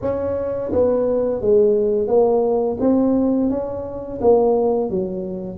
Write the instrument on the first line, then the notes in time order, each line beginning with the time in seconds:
tuba
0.01 C#4
0.72 B3
1.41 G#3
2.07 A#3
2.80 C4
3.50 C#4
4.21 A#3
4.90 F#3